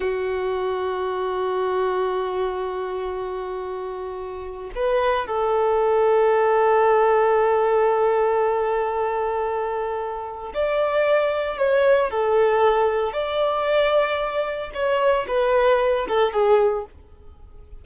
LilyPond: \new Staff \with { instrumentName = "violin" } { \time 4/4 \tempo 4 = 114 fis'1~ | fis'1~ | fis'4 b'4 a'2~ | a'1~ |
a'1 | d''2 cis''4 a'4~ | a'4 d''2. | cis''4 b'4. a'8 gis'4 | }